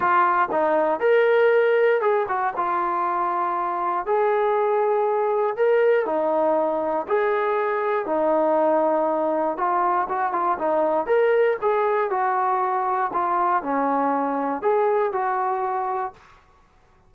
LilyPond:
\new Staff \with { instrumentName = "trombone" } { \time 4/4 \tempo 4 = 119 f'4 dis'4 ais'2 | gis'8 fis'8 f'2. | gis'2. ais'4 | dis'2 gis'2 |
dis'2. f'4 | fis'8 f'8 dis'4 ais'4 gis'4 | fis'2 f'4 cis'4~ | cis'4 gis'4 fis'2 | }